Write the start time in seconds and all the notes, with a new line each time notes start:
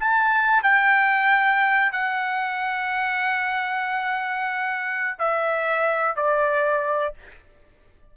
0.00 A5
0.63 G5
1.92 F#5
5.19 E5
6.16 D5